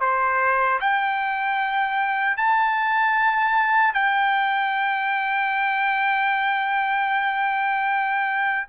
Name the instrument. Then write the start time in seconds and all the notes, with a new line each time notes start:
trumpet
0.00 C5
0.80 G5
2.37 A5
3.93 G5